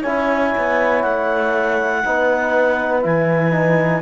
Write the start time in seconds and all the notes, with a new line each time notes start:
0.00 C#4 E4 C#5 G#5
0.57 B3
1.02 A3 F#5
2.05 B3 D#4 B4
3.02 E3 E4 G#5
3.52 D#4